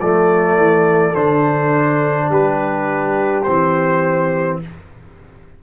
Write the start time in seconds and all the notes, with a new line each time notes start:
0.00 F3 A3 A4 D5
0.56 E3
1.14 D3 D4 C5
2.29 G3 G4 B4
3.43 E3 C4 C5